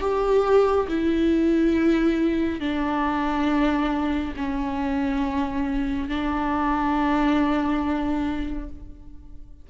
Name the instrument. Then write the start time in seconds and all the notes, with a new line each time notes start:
viola
0.00 G4
0.88 E4
2.60 D4
4.36 C#4
6.08 D4